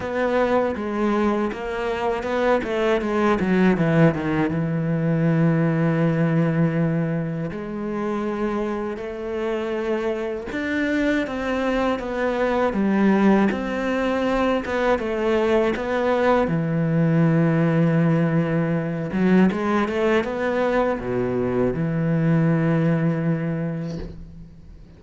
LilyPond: \new Staff \with { instrumentName = "cello" } { \time 4/4 \tempo 4 = 80 b4 gis4 ais4 b8 a8 | gis8 fis8 e8 dis8 e2~ | e2 gis2 | a2 d'4 c'4 |
b4 g4 c'4. b8 | a4 b4 e2~ | e4. fis8 gis8 a8 b4 | b,4 e2. | }